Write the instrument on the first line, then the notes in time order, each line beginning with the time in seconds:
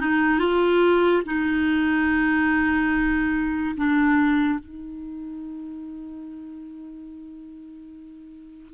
clarinet
0.00 D#4
0.39 F4
1.26 D#4
3.77 D4
4.59 D#4